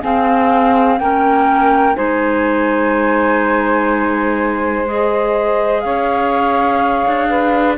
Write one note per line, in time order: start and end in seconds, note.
0.00 0.99 C4
0.00 1.00 C4
0.00 0.97 G#4
0.00 0.99 F5
0.99 1.96 A#3
0.99 1.95 C#4
0.99 1.95 A#4
0.99 1.95 G5
1.95 5.84 G#3
1.95 4.85 D#4
1.95 5.82 C5
1.95 4.85 G#5
4.86 7.76 G#4
4.86 5.81 D#5
5.81 7.05 C#4
5.81 7.28 C#5
5.81 7.74 F5
7.06 7.77 D4
7.29 7.77 B4